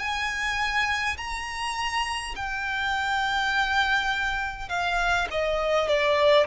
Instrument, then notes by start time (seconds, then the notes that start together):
violin
0.00 G#5
1.18 A#5
2.36 G5
4.69 F5
5.32 D#5
5.88 D5